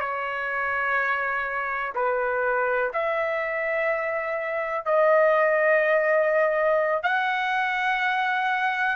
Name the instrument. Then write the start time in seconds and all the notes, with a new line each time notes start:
trumpet
0.00 C#5
1.95 B4
2.93 E5
4.85 D#5
7.03 F#5